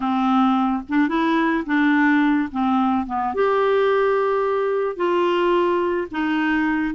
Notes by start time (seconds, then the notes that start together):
0.00 C4
0.88 D4
1.08 E4
1.65 D4
2.52 C4
3.06 B3
3.34 G4
4.96 F4
6.11 D#4